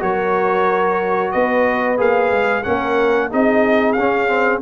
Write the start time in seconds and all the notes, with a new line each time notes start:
0.00 F#3 F#4 A#4 C#5
1.31 B3 B4 D#5
1.97 A#3 G#4 F5
2.31 G#3
2.63 A#3 C#4 A#4 F#5
3.30 C4 D#4 G#4 D#5
3.93 C#4 F5
3.99 C#4
4.28 C4